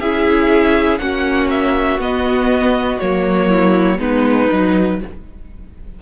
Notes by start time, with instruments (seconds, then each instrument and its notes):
0.00 cello C#4, viola E4, violin G#4 E5
0.98 cello A#3, viola C#4, violin F#4 F#5
1.50 violin E5
1.99 cello B3, viola B3, violin D#5
3.00 cello F#3, viola A#3, violin C#5
3.49 violin E4
3.99 cello G#3, viola B3, violin D#4 B4
4.51 cello F#3, viola D#4